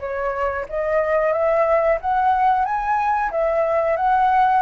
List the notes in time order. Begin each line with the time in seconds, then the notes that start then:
0.00 C#5
0.69 D#5
1.33 E5
2.01 F#5
2.65 G#5
3.31 E5
3.97 F#5